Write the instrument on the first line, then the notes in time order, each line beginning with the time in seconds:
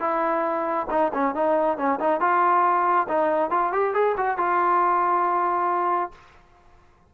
trombone
0.00 E4
0.91 D#4
1.14 C#4
1.35 D#4
1.78 C#4
2.00 D#4
2.21 F4
3.08 D#4
3.51 F4
3.73 G4
3.94 G#4
4.17 F#4
4.38 F4